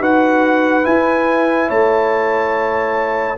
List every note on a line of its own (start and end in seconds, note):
0.00 0.85 D#4
0.00 0.83 F#4
0.00 1.68 B4
0.00 0.85 F#5
0.83 3.37 E4
0.83 1.70 E4
0.83 1.70 G#5
1.68 3.38 A3
1.68 3.37 C#5
1.68 3.38 A5